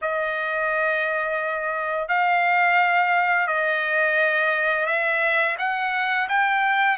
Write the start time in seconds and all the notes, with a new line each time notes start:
0.01 D#5
2.08 F5
3.47 D#5
4.86 E5
5.58 F#5
6.28 G5